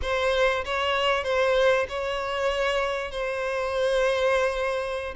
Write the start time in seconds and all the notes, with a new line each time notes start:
0.02 C5
0.64 C#5
1.23 C5
1.88 C#5
3.11 C5